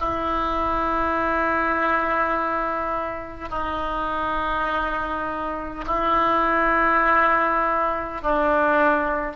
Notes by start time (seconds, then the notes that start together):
0.00 E4
3.50 D#4
5.87 E4
8.22 D4